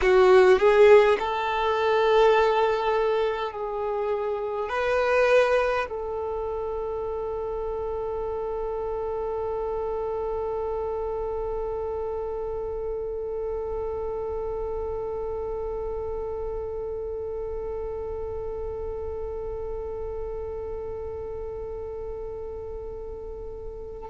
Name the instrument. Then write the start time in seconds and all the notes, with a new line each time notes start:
violin
0.01 F#4
0.58 G#4
1.19 A4
3.52 G#4
4.68 B4
5.89 A4